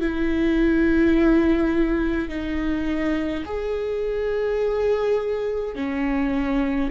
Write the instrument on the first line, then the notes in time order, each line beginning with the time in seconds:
viola
0.00 E4
2.28 D#4
3.45 G#4
5.75 C#4